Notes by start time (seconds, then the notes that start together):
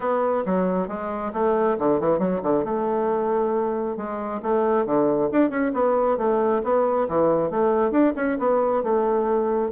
0.00 B3
0.45 F#3
0.87 G#3
1.33 A3
1.79 D3
2.00 E3
2.18 F#3
2.43 D3
2.64 A3
3.96 G#3
4.42 A3
4.85 D3
5.32 D4
5.50 C#4
5.73 B3
6.17 A3
6.63 B3
7.08 E3
7.50 A3
7.91 D4
8.16 C#4
8.38 B3
8.83 A3